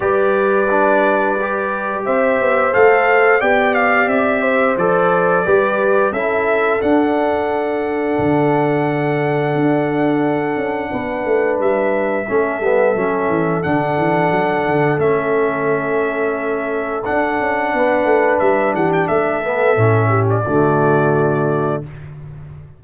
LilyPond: <<
  \new Staff \with { instrumentName = "trumpet" } { \time 4/4 \tempo 4 = 88 d''2. e''4 | f''4 g''8 f''8 e''4 d''4~ | d''4 e''4 fis''2~ | fis''1~ |
fis''4 e''2. | fis''2 e''2~ | e''4 fis''2 e''8 fis''16 g''16 | e''4.~ e''16 d''2~ d''16 | }
  \new Staff \with { instrumentName = "horn" } { \time 4/4 b'2. c''4~ | c''4 d''4. c''4. | b'4 a'2.~ | a'1 |
b'2 a'2~ | a'1~ | a'2 b'4. g'8 | a'4. g'8 fis'2 | }
  \new Staff \with { instrumentName = "trombone" } { \time 4/4 g'4 d'4 g'2 | a'4 g'2 a'4 | g'4 e'4 d'2~ | d'1~ |
d'2 cis'8 b8 cis'4 | d'2 cis'2~ | cis'4 d'2.~ | d'8 b8 cis'4 a2 | }
  \new Staff \with { instrumentName = "tuba" } { \time 4/4 g2. c'8 b8 | a4 b4 c'4 f4 | g4 cis'4 d'2 | d2 d'4. cis'8 |
b8 a8 g4 a8 g8 fis8 e8 | d8 e8 fis8 d8 a2~ | a4 d'8 cis'8 b8 a8 g8 e8 | a4 a,4 d2 | }
>>